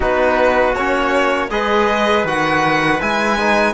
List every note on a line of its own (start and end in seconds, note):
0.00 0.75 B3
0.00 0.74 D#4
0.00 1.49 F#4
0.00 0.75 B4
0.75 1.50 A#3
0.75 1.50 C#4
0.75 1.50 C#5
1.50 2.24 G#3
1.50 2.25 G#4
1.50 3.73 B4
1.50 2.25 D#5
2.24 2.99 D#3
2.24 3.00 F#4
2.24 3.01 F#5
3.00 3.73 G#3
3.00 3.38 E4
3.00 3.73 G#5
3.39 3.73 D#4